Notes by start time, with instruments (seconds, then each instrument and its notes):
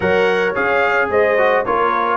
0.00 tuba F#3, trombone A#4, horn C#5, trumpet F#5
0.55 tuba C#4, trombone G#4, trumpet F5
1.09 tuba G#3, horn C5, trumpet D#5
1.37 trombone F#4
1.65 tuba A#3, trombone F4, horn A#4, trumpet C#5